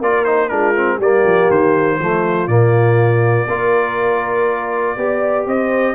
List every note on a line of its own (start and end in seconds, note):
0.00 0.50 A#3
0.00 0.25 F4
0.00 0.50 A#4
0.00 0.24 D5
0.24 0.50 D#4
0.24 0.49 C5
0.49 0.99 G#3
0.49 0.75 D4
0.49 0.97 F4
0.49 0.98 A#4
0.76 1.01 C4
0.97 1.23 G3
0.97 2.00 A#3
0.97 1.96 G4
0.97 1.50 D5
1.24 1.49 F3
1.50 1.99 D#3
1.50 2.47 C5
1.99 2.47 F3
1.99 2.48 A3
1.99 3.49 F4
2.47 3.46 A#2
2.47 3.47 A#3
2.47 5.45 D5
3.47 4.96 A#3
3.47 4.97 F4
3.47 4.98 A#4
4.96 5.46 B3
4.96 5.94 G4
4.96 5.48 D5
5.46 5.94 C4
5.46 5.94 C5
5.46 5.94 D#5